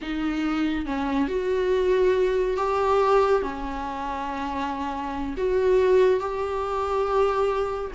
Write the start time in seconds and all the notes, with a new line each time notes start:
0.01 D#4
0.85 C#4
1.28 F#4
2.56 G4
3.42 C#4
5.36 F#4
6.19 G4